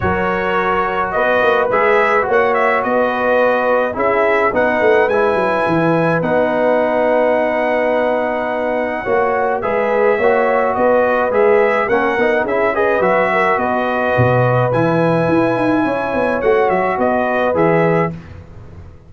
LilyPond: <<
  \new Staff \with { instrumentName = "trumpet" } { \time 4/4 \tempo 4 = 106 cis''2 dis''4 e''4 | fis''8 e''8 dis''2 e''4 | fis''4 gis''2 fis''4~ | fis''1~ |
fis''4 e''2 dis''4 | e''4 fis''4 e''8 dis''8 e''4 | dis''2 gis''2~ | gis''4 fis''8 e''8 dis''4 e''4 | }
  \new Staff \with { instrumentName = "horn" } { \time 4/4 ais'2 b'2 | cis''4 b'2 gis'4 | b'1~ | b'1 |
cis''4 b'4 cis''4 b'4~ | b'4 ais'4 gis'8 b'4 ais'8 | b'1 | cis''2 b'2 | }
  \new Staff \with { instrumentName = "trombone" } { \time 4/4 fis'2. gis'4 | fis'2. e'4 | dis'4 e'2 dis'4~ | dis'1 |
fis'4 gis'4 fis'2 | gis'4 cis'8 dis'8 e'8 gis'8 fis'4~ | fis'2 e'2~ | e'4 fis'2 gis'4 | }
  \new Staff \with { instrumentName = "tuba" } { \time 4/4 fis2 b8 ais8 gis4 | ais4 b2 cis'4 | b8 a8 gis8 fis8 e4 b4~ | b1 |
ais4 gis4 ais4 b4 | gis4 ais8 b8 cis'4 fis4 | b4 b,4 e4 e'8 dis'8 | cis'8 b8 a8 fis8 b4 e4 | }
>>